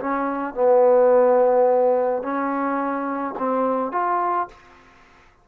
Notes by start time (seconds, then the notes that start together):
0.00 C#4
0.55 B3
2.23 C#4
3.39 C4
3.92 F4